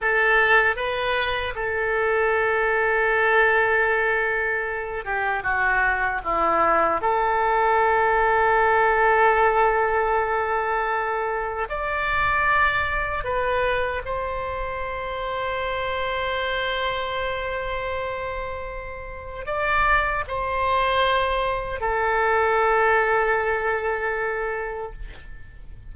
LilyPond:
\new Staff \with { instrumentName = "oboe" } { \time 4/4 \tempo 4 = 77 a'4 b'4 a'2~ | a'2~ a'8 g'8 fis'4 | e'4 a'2.~ | a'2. d''4~ |
d''4 b'4 c''2~ | c''1~ | c''4 d''4 c''2 | a'1 | }